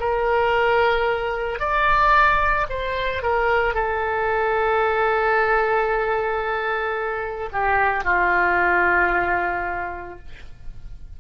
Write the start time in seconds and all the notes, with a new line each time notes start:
0.00 A#4
1.59 D5
2.69 C5
3.22 A#4
3.74 A4
7.52 G4
8.04 F4